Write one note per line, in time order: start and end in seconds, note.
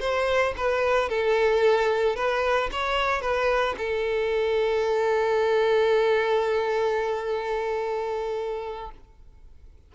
0.00 0.54 C5
0.57 1.09 B4
1.09 2.16 A4
2.16 2.70 B4
2.72 3.21 C#5
3.21 3.75 B4
3.78 8.91 A4